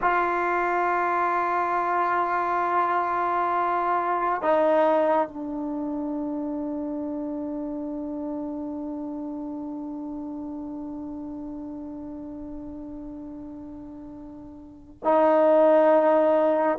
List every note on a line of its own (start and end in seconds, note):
0.01 4.42 F4
4.42 5.27 D#4
5.27 14.98 D4
15.03 16.78 D#4